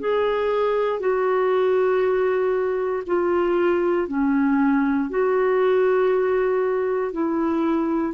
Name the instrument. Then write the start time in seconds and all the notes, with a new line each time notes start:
clarinet
0.00 G#4
1.00 F#4
3.06 F4
4.08 C#4
5.10 F#4
7.12 E4